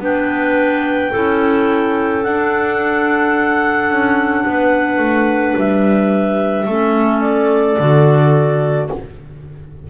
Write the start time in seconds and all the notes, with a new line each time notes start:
0.00 B3 D4 B4 G5
1.11 C#4 E4 A4
2.23 D4 F#5
3.89 C#4
4.45 B3 B4
4.98 A3
5.57 G3 E5
6.67 A3 C#4 A4
7.21 D5
7.79 D3 F#4